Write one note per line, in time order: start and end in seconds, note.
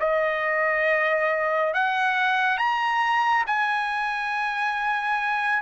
0.00 1.74 D#5
1.74 2.58 F#5
2.58 3.45 A#5
3.47 5.62 G#5